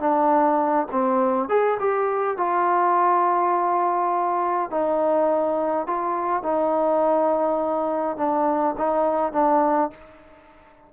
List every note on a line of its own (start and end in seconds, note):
0.00 0.87 D4
0.92 1.49 C4
1.49 1.78 G#4
1.80 2.38 G4
2.38 4.71 F4
4.71 5.87 D#4
5.87 6.43 F4
6.43 8.17 D#4
8.17 8.75 D4
8.78 9.33 D#4
9.33 9.91 D4